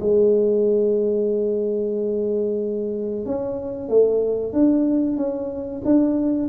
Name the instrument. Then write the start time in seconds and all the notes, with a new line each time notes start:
tuba
0.00 G#3
3.26 C#4
3.89 A3
4.53 D4
5.17 C#4
5.85 D4